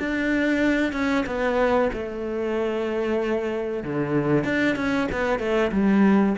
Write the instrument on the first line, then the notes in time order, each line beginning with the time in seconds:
cello
0.00 D4
0.93 C#4
1.27 B3
1.93 A3
3.84 D3
4.45 D4
4.76 C#4
5.12 B3
5.39 A3
5.72 G3